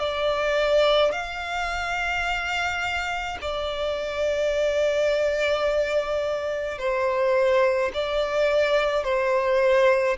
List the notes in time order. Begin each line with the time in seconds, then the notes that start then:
0.00 D5
1.12 F5
3.42 D5
6.78 C5
7.94 D5
9.04 C5